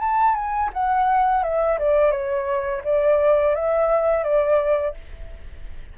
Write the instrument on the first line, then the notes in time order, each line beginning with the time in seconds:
flute
0.00 A5
0.35 G#5
0.73 F#5
1.43 E5
1.79 D5
2.11 C#5
2.84 D5
3.55 E5
4.24 D5